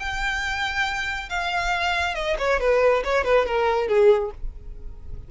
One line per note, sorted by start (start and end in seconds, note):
0.00 1.29 G5
1.30 2.15 F5
2.15 2.37 D#5
2.39 2.60 C#5
2.61 3.04 B4
3.05 3.25 C#5
3.25 3.46 B4
3.46 3.88 A#4
3.88 4.31 G#4